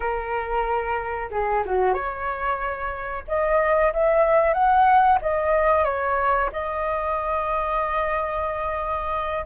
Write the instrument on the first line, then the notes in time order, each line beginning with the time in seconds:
flute
0.00 A#4
1.30 G#4
1.65 F#4
1.93 C#5
3.27 D#5
3.93 E5
4.53 F#5
5.21 D#5
5.84 C#5
6.52 D#5